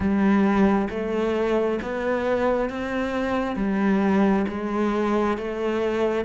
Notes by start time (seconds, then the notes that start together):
0.00 G3
0.90 A3
1.82 B3
2.69 C4
3.56 G3
4.48 G#3
5.37 A3